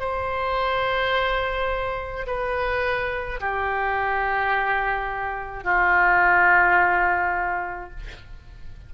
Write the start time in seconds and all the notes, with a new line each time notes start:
0.00 C5
2.27 B4
3.41 G4
5.64 F4